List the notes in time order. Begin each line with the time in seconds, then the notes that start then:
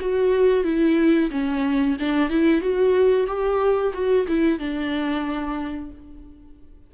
0.00 F#4
0.64 E4
1.30 C#4
1.99 D4
2.29 E4
2.61 F#4
3.26 G4
3.93 F#4
4.27 E4
4.58 D4